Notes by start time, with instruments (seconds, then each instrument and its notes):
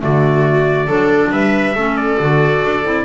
0.00 double bass D3, clarinet A3, viola F#4, trumpet D5
0.87 double bass F#3, clarinet D4, viola A4
1.32 double bass G3, viola B4, trumpet E5
1.75 double bass A3, clarinet C#4, viola A4
1.97 trumpet D5
2.20 double bass D3, clarinet F#4
2.65 double bass D4
2.84 double bass C4, clarinet E4